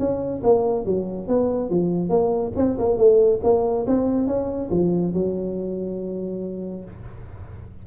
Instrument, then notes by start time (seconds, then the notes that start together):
tuba
0.00 C#4
0.44 A#3
0.86 F#3
1.28 B3
1.70 F3
2.10 A#3
2.57 C4
2.79 A#3
2.98 A3
3.44 A#3
3.87 C4
4.27 C#4
4.71 F3
5.14 F#3